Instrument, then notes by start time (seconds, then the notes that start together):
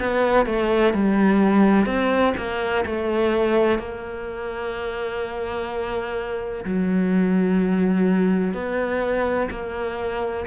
cello
0.00 B3
0.46 A3
0.94 G3
1.87 C4
2.38 A#3
2.86 A3
3.79 A#3
6.65 F#3
8.54 B3
9.51 A#3